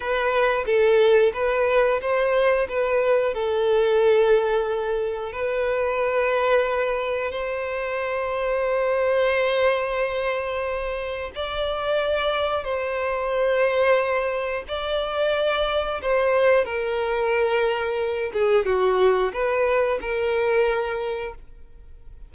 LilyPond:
\new Staff \with { instrumentName = "violin" } { \time 4/4 \tempo 4 = 90 b'4 a'4 b'4 c''4 | b'4 a'2. | b'2. c''4~ | c''1~ |
c''4 d''2 c''4~ | c''2 d''2 | c''4 ais'2~ ais'8 gis'8 | fis'4 b'4 ais'2 | }